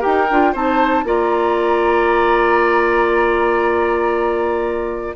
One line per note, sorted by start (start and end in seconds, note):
0.00 0.30 D#4
0.00 0.26 G4
0.00 0.51 A#4
0.00 0.54 G5
0.30 0.54 D4
0.30 0.54 F4
0.52 1.04 C4
0.52 1.04 D#4
0.52 1.04 C5
0.52 1.07 A5
1.04 5.14 A#3
1.04 5.14 F4
1.04 5.16 D5
1.04 5.16 A#5